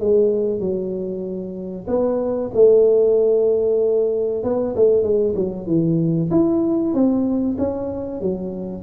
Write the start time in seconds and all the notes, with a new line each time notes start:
0.00 G#3
0.60 F#3
1.87 B3
2.54 A3
4.44 B3
4.76 A3
5.03 G#3
5.35 F#3
5.67 E3
6.31 E4
6.94 C4
7.58 C#4
8.21 F#3